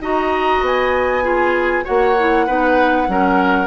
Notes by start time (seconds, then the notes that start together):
0.00 D#4 F#4 D#5 A#5
0.61 B3 G#5
1.22 F4 G#4
1.84 A#3 F#4 C#5 F#5
2.19 E4
2.46 B3 D#4 B4
3.07 F#3 C#4 A#4